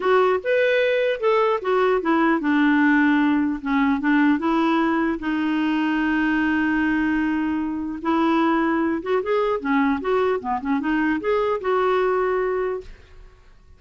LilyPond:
\new Staff \with { instrumentName = "clarinet" } { \time 4/4 \tempo 4 = 150 fis'4 b'2 a'4 | fis'4 e'4 d'2~ | d'4 cis'4 d'4 e'4~ | e'4 dis'2.~ |
dis'1 | e'2~ e'8 fis'8 gis'4 | cis'4 fis'4 b8 cis'8 dis'4 | gis'4 fis'2. | }